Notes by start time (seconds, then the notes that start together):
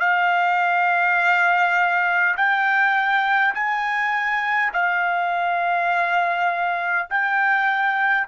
0.00 F5
2.36 G5
3.55 G#5
4.73 F5
7.10 G5